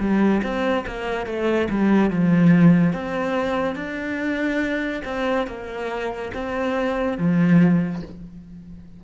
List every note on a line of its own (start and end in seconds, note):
0.00 0.42 G3
0.43 0.86 C4
0.87 1.26 A#3
1.26 1.69 A3
1.70 2.10 G3
2.10 2.93 F3
2.93 3.76 C4
3.76 5.02 D4
5.05 5.47 C4
5.47 6.32 A#3
6.34 7.18 C4
7.18 8.02 F3